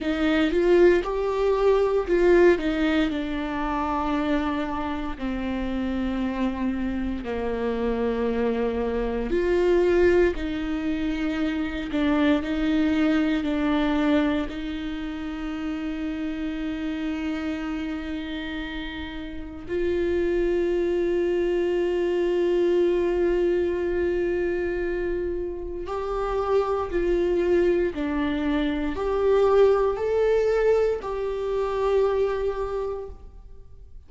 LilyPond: \new Staff \with { instrumentName = "viola" } { \time 4/4 \tempo 4 = 58 dis'8 f'8 g'4 f'8 dis'8 d'4~ | d'4 c'2 ais4~ | ais4 f'4 dis'4. d'8 | dis'4 d'4 dis'2~ |
dis'2. f'4~ | f'1~ | f'4 g'4 f'4 d'4 | g'4 a'4 g'2 | }